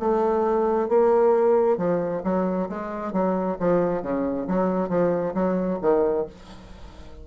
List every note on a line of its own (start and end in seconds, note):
0.00 0.89 A3
0.89 1.77 A#3
1.77 2.22 F3
2.24 2.69 F#3
2.69 3.13 G#3
3.13 3.57 F#3
3.59 4.03 F3
4.03 4.47 C#3
4.48 4.89 F#3
4.89 5.34 F3
5.34 5.79 F#3
5.81 6.26 D#3